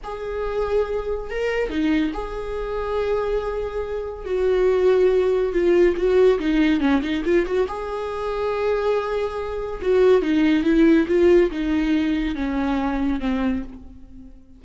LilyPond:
\new Staff \with { instrumentName = "viola" } { \time 4/4 \tempo 4 = 141 gis'2. ais'4 | dis'4 gis'2.~ | gis'2 fis'2~ | fis'4 f'4 fis'4 dis'4 |
cis'8 dis'8 f'8 fis'8 gis'2~ | gis'2. fis'4 | dis'4 e'4 f'4 dis'4~ | dis'4 cis'2 c'4 | }